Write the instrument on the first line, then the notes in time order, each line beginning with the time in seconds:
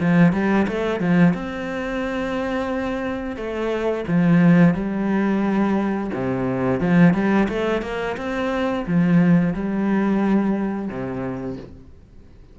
cello
0.00 F3
0.32 G3
0.68 A3
1.00 F3
1.34 C4
3.36 A3
4.07 F3
4.74 G3
6.13 C3
6.80 F3
7.13 G3
7.48 A3
7.82 A#3
8.17 C4
8.87 F3
9.54 G3
10.88 C3